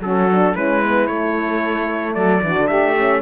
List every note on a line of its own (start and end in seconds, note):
0.00 0.54 F#3
0.00 0.31 C#4
0.00 0.54 F#4
0.00 0.56 A4
0.32 0.56 D4
0.54 1.09 G#3
0.54 0.83 C#4
0.54 2.15 E4
0.54 1.07 B4
0.83 1.08 B3
1.07 2.42 A3
1.07 2.16 A3
1.07 2.14 C#5
2.14 2.42 F#3
2.14 2.43 A4
2.14 2.68 D5
2.43 2.57 E3
2.43 2.97 D4
2.43 2.68 F#4
2.58 2.71 D3
2.68 3.22 A3
2.68 3.21 G4
2.68 3.21 E5
2.97 3.22 C#4